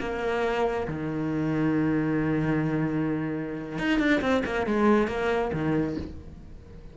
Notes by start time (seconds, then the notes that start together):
0.00 A#3
0.88 D#3
3.78 D#4
3.99 D4
4.21 C4
4.45 A#3
4.66 G#3
5.08 A#3
5.53 D#3